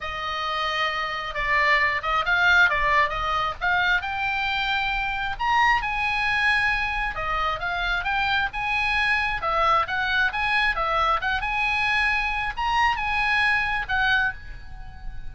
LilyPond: \new Staff \with { instrumentName = "oboe" } { \time 4/4 \tempo 4 = 134 dis''2. d''4~ | d''8 dis''8 f''4 d''4 dis''4 | f''4 g''2. | ais''4 gis''2. |
dis''4 f''4 g''4 gis''4~ | gis''4 e''4 fis''4 gis''4 | e''4 fis''8 gis''2~ gis''8 | ais''4 gis''2 fis''4 | }